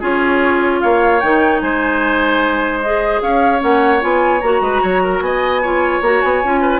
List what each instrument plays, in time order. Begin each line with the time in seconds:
0.00 bassoon C#4, clarinet F4, oboe G#4, flute C#5
0.81 bassoon A#3, oboe C#5, flute F5
1.20 bassoon D#3, clarinet D#4, flute G5
1.60 bassoon G#3, oboe C5, flute G#5
2.82 clarinet G#4, flute D#5
3.22 bassoon C#4, oboe C#5, flute F5
3.59 bassoon A#3, clarinet C#4, flute F#5
4.01 bassoon B3, clarinet F4, flute G#5
4.41 bassoon A#3, clarinet F#4, flute A#5
4.61 bassoon G#3, oboe B4
4.82 bassoon F#3, oboe C#5
5.03 oboe A#4
5.21 bassoon B3, oboe D#5, flute G#5
5.62 clarinet F4, oboe C#5
6.02 bassoon A#3, clarinet F#4, flute A#5
6.21 bassoon B3, flute G#5
6.44 bassoon C#4, clarinet F4
6.61 oboe B4